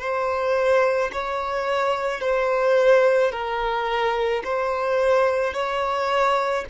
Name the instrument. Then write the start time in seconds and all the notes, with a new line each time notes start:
violin
0.00 C5
1.13 C#5
2.21 C5
3.32 A#4
4.44 C5
5.54 C#5